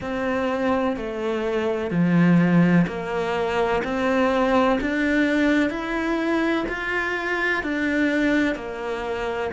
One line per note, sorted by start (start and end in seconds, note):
0.00 0.96 C4
0.96 1.90 A3
1.90 2.86 F3
2.87 3.82 A#3
3.84 4.79 C4
4.81 5.70 D4
5.70 6.65 E4
6.68 7.63 F4
7.63 8.55 D4
8.55 9.50 A#3